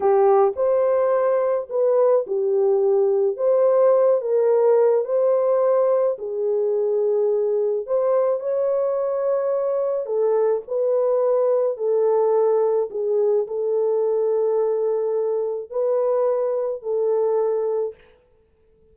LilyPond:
\new Staff \with { instrumentName = "horn" } { \time 4/4 \tempo 4 = 107 g'4 c''2 b'4 | g'2 c''4. ais'8~ | ais'4 c''2 gis'4~ | gis'2 c''4 cis''4~ |
cis''2 a'4 b'4~ | b'4 a'2 gis'4 | a'1 | b'2 a'2 | }